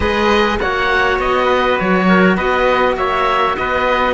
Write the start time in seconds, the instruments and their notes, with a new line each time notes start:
0.00 cello G#3 G#4, trumpet B4, oboe D#5
0.59 cello A#3 F#4, trumpet C#5, oboe F#5
1.19 cello B3, oboe D#5
1.44 trumpet B4
1.79 cello F#3, oboe C#5
2.08 trumpet A#4
2.36 cello B3, trumpet B4, oboe D#5
2.96 cello A#3, trumpet C#5, oboe E5
3.56 cello B3, trumpet B4, oboe D#5